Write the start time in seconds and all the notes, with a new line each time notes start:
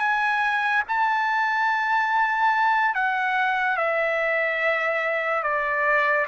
0.00 G#5
0.89 A5
2.95 F#5
3.77 E5
5.43 D5